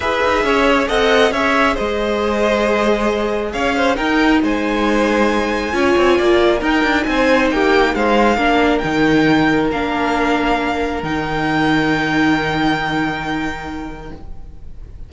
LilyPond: <<
  \new Staff \with { instrumentName = "violin" } { \time 4/4 \tempo 4 = 136 e''2 fis''4 e''4 | dis''1 | f''4 g''4 gis''2~ | gis''2. g''4 |
gis''4 g''4 f''2 | g''2 f''2~ | f''4 g''2.~ | g''1 | }
  \new Staff \with { instrumentName = "violin" } { \time 4/4 b'4 cis''4 dis''4 cis''4 | c''1 | cis''8 c''8 ais'4 c''2~ | c''4 cis''4 d''4 ais'4 |
c''4 g'4 c''4 ais'4~ | ais'1~ | ais'1~ | ais'1 | }
  \new Staff \with { instrumentName = "viola" } { \time 4/4 gis'2 a'4 gis'4~ | gis'1~ | gis'4 dis'2.~ | dis'4 f'2 dis'4~ |
dis'2. d'4 | dis'2 d'2~ | d'4 dis'2.~ | dis'1 | }
  \new Staff \with { instrumentName = "cello" } { \time 4/4 e'8 dis'8 cis'4 c'4 cis'4 | gis1 | cis'4 dis'4 gis2~ | gis4 cis'8 c'8 ais4 dis'8 d'8 |
c'4 ais4 gis4 ais4 | dis2 ais2~ | ais4 dis2.~ | dis1 | }
>>